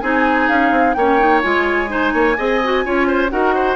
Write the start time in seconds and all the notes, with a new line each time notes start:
0.00 C4 D#4 G#4 G#5
0.48 C#4 F5
0.71 C4
0.93 A#3 C#5 G5
0.99 C#4
1.18 D#4
1.41 G#3 F4 G#5
1.87 D#4 C5
2.13 A#3 C#5
2.37 C4 G#4 D#5
2.63 F#4
2.84 C#4 F4 C#5
3.07 C5
3.29 D#4 F#4 A#4 F#5
3.54 C5